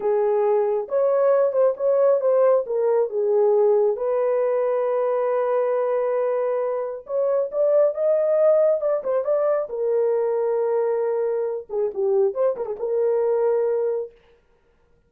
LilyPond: \new Staff \with { instrumentName = "horn" } { \time 4/4 \tempo 4 = 136 gis'2 cis''4. c''8 | cis''4 c''4 ais'4 gis'4~ | gis'4 b'2.~ | b'1 |
cis''4 d''4 dis''2 | d''8 c''8 d''4 ais'2~ | ais'2~ ais'8 gis'8 g'4 | c''8 ais'16 gis'16 ais'2. | }